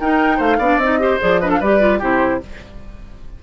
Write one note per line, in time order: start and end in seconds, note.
0.00 0.39 D#4
0.00 0.61 D#4
0.00 0.37 A#4
0.00 0.40 G5
0.37 0.58 A3
0.37 0.57 C5
0.37 0.78 F5
0.58 0.77 B3
0.58 0.81 D4
0.58 0.99 D5
0.77 1.17 C4
0.77 0.99 D#4
0.77 1.19 D#5
0.99 1.19 G4
0.99 1.41 C5
1.20 1.61 F3
1.20 1.40 G#4
1.20 1.40 D5
1.40 1.62 D4
1.40 1.49 B4
1.40 1.50 D#5
1.49 1.59 A4
1.49 1.61 F5
1.59 2.01 G3
1.59 1.80 G4
1.59 1.99 B4
1.59 2.02 D5
1.80 2.00 F4
1.99 2.41 C3
1.99 2.41 E4
1.99 2.39 G4
1.99 2.43 C5